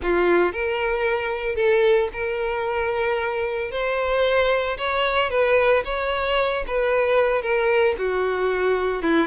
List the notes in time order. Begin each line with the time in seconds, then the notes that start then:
0.02 F4
0.52 A#4
1.55 A4
2.12 A#4
3.71 C5
4.77 C#5
5.30 B4
5.84 C#5
6.67 B4
7.42 A#4
7.98 F#4
9.02 E4